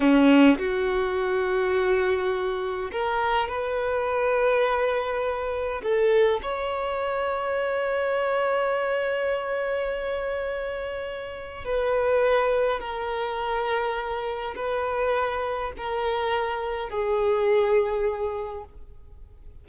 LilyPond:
\new Staff \with { instrumentName = "violin" } { \time 4/4 \tempo 4 = 103 cis'4 fis'2.~ | fis'4 ais'4 b'2~ | b'2 a'4 cis''4~ | cis''1~ |
cis''1 | b'2 ais'2~ | ais'4 b'2 ais'4~ | ais'4 gis'2. | }